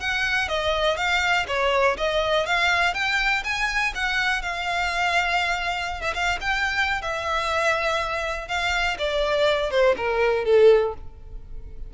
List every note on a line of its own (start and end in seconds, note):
0.00 0.49 F#5
0.49 0.97 D#5
0.97 1.46 F5
1.48 1.97 C#5
1.97 2.46 D#5
2.46 2.94 F5
2.94 3.43 G5
3.44 3.93 G#5
3.95 4.42 F#5
4.42 6.01 F5
6.01 6.14 E5
6.14 6.39 F5
6.41 7.02 G5
7.02 8.48 E5
8.48 8.97 F5
8.98 9.71 D5
9.71 9.95 C5
9.97 10.45 A#4
10.45 10.94 A4